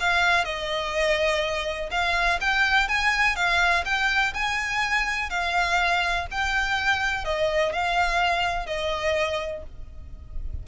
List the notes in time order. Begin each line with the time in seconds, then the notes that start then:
0.00 F5
0.45 D#5
1.91 F5
2.41 G5
2.89 G#5
3.36 F5
3.86 G5
4.34 G#5
5.30 F5
6.31 G5
7.25 D#5
7.73 F5
8.67 D#5